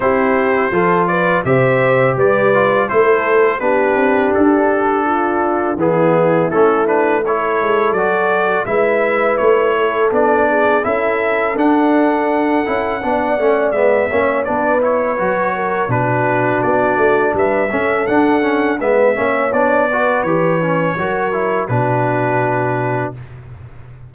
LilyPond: <<
  \new Staff \with { instrumentName = "trumpet" } { \time 4/4 \tempo 4 = 83 c''4. d''8 e''4 d''4 | c''4 b'4 a'2 | gis'4 a'8 b'8 cis''4 d''4 | e''4 cis''4 d''4 e''4 |
fis''2. e''4 | d''8 cis''4. b'4 d''4 | e''4 fis''4 e''4 d''4 | cis''2 b'2 | }
  \new Staff \with { instrumentName = "horn" } { \time 4/4 g'4 a'8 b'8 c''4 b'4 | a'4 g'2 f'4 | e'2 a'2 | b'4. a'4 gis'8 a'4~ |
a'2 d''4. cis''8 | b'4. ais'8 fis'2 | b'8 a'4. b'8 cis''4 b'8~ | b'4 ais'4 fis'2 | }
  \new Staff \with { instrumentName = "trombone" } { \time 4/4 e'4 f'4 g'4. f'8 | e'4 d'2. | b4 cis'8 d'8 e'4 fis'4 | e'2 d'4 e'4 |
d'4. e'8 d'8 cis'8 b8 cis'8 | d'8 e'8 fis'4 d'2~ | d'8 cis'8 d'8 cis'8 b8 cis'8 d'8 fis'8 | g'8 cis'8 fis'8 e'8 d'2 | }
  \new Staff \with { instrumentName = "tuba" } { \time 4/4 c'4 f4 c4 g4 | a4 b8 c'8 d'2 | e4 a4. gis8 fis4 | gis4 a4 b4 cis'4 |
d'4. cis'8 b8 a8 gis8 ais8 | b4 fis4 b,4 b8 a8 | g8 cis'8 d'4 gis8 ais8 b4 | e4 fis4 b,2 | }
>>